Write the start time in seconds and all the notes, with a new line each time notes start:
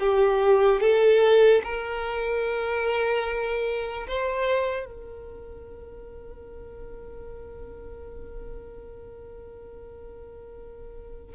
0.00 G4
0.81 A4
1.64 A#4
4.08 C5
4.86 A#4